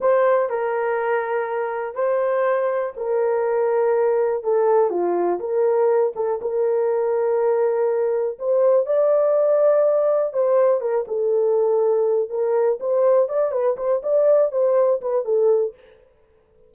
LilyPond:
\new Staff \with { instrumentName = "horn" } { \time 4/4 \tempo 4 = 122 c''4 ais'2. | c''2 ais'2~ | ais'4 a'4 f'4 ais'4~ | ais'8 a'8 ais'2.~ |
ais'4 c''4 d''2~ | d''4 c''4 ais'8 a'4.~ | a'4 ais'4 c''4 d''8 b'8 | c''8 d''4 c''4 b'8 a'4 | }